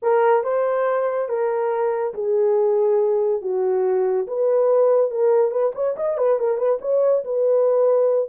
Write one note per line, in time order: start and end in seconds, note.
0.02 0.43 A#4
0.43 1.28 C5
1.28 2.13 A#4
2.14 3.41 G#4
3.41 4.26 F#4
4.27 5.10 B4
5.10 5.51 A#4
5.51 5.72 B4
5.74 5.96 C#5
5.96 6.17 D#5
6.17 6.39 B4
6.39 6.57 A#4
6.57 6.78 B4
6.81 7.23 C#5
7.24 8.29 B4